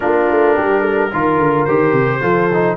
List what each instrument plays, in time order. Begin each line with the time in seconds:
0.00 tuba A#3, trombone D4, horn F4, trumpet A#4
0.30 tuba A3
0.55 tuba G3, horn G4
0.80 horn A4
1.12 tuba D#3, trombone F4, horn A#4
1.37 tuba D3
1.65 tuba D#3, trombone G4, trumpet C5
1.92 tuba C3
2.20 tuba F3, trombone F4, horn A4
2.53 trombone D#4